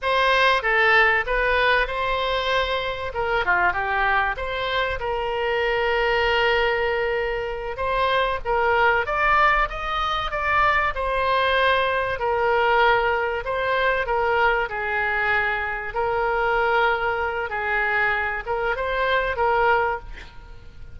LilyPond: \new Staff \with { instrumentName = "oboe" } { \time 4/4 \tempo 4 = 96 c''4 a'4 b'4 c''4~ | c''4 ais'8 f'8 g'4 c''4 | ais'1~ | ais'8 c''4 ais'4 d''4 dis''8~ |
dis''8 d''4 c''2 ais'8~ | ais'4. c''4 ais'4 gis'8~ | gis'4. ais'2~ ais'8 | gis'4. ais'8 c''4 ais'4 | }